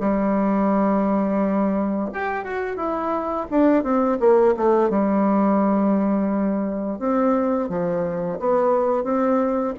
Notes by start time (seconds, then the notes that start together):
0.00 G3
2.12 G4
2.44 F#4
2.76 E4
3.50 D4
3.83 C4
4.19 A#3
4.56 A3
4.89 G3
6.99 C4
7.69 F3
8.39 B3
9.04 C4